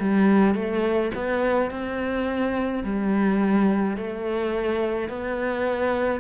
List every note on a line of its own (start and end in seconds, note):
0.00 0.55 G3
0.55 1.12 A3
1.15 1.71 B3
1.71 2.84 C4
2.84 3.97 G3
3.97 5.09 A3
5.09 6.21 B3